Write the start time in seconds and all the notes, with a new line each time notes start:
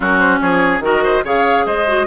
0.00 F#3 C#4 F#4 A#4
0.18 C5
0.40 F3 G#4 C#5
0.79 D#3 F#4 A#4 D#5
1.03 C5
1.23 C#3 G#4 C#5 F5
1.65 G#3 C5 D#5
1.87 F#4